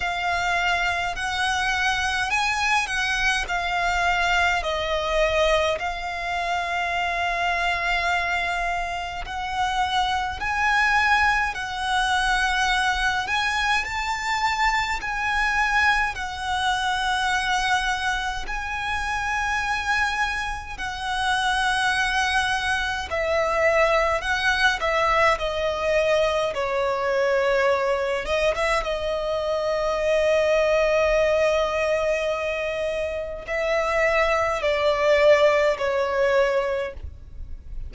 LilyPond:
\new Staff \with { instrumentName = "violin" } { \time 4/4 \tempo 4 = 52 f''4 fis''4 gis''8 fis''8 f''4 | dis''4 f''2. | fis''4 gis''4 fis''4. gis''8 | a''4 gis''4 fis''2 |
gis''2 fis''2 | e''4 fis''8 e''8 dis''4 cis''4~ | cis''8 dis''16 e''16 dis''2.~ | dis''4 e''4 d''4 cis''4 | }